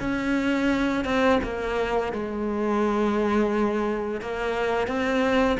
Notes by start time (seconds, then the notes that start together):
0.00 C#4
1.05 C4
1.43 A#3
2.12 G#3
4.21 A#3
4.87 C4